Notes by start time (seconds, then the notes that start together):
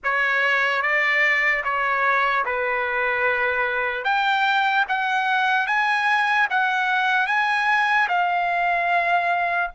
0.03 C#5
0.82 D5
1.64 C#5
2.45 B4
4.04 G5
4.88 F#5
5.66 G#5
6.50 F#5
7.26 G#5
8.08 F5